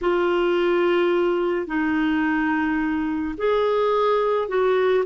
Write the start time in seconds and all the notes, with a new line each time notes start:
0.01 F4
1.66 D#4
3.37 G#4
4.48 F#4